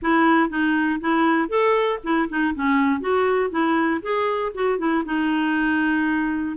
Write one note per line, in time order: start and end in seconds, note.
0.02 0.49 E4
0.49 1.00 D#4
1.00 1.48 E4
1.48 1.99 A4
2.03 2.28 E4
2.29 2.54 D#4
2.54 3.00 C#4
3.00 3.50 F#4
3.50 4.01 E4
4.02 4.52 G#4
4.54 4.78 F#4
4.78 5.03 E4
5.05 6.56 D#4